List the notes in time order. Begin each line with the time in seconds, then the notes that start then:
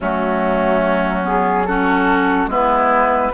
0.00 F#3 A3 C#4 F#4
1.22 B3 G#4
1.65 C#4 F#4 A4
2.46 G#3 B3 E4 B4